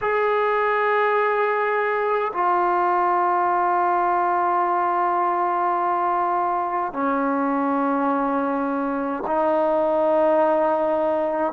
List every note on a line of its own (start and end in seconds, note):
0.01 2.32 G#4
2.33 6.92 F4
6.92 9.23 C#4
9.26 11.52 D#4